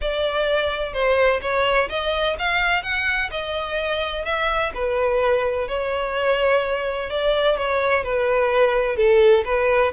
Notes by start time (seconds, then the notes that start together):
0.01 D5
0.93 C5
1.41 C#5
1.89 D#5
2.39 F5
2.82 F#5
3.30 D#5
4.25 E5
4.74 B4
5.68 C#5
7.10 D5
7.57 C#5
8.03 B4
8.96 A4
9.44 B4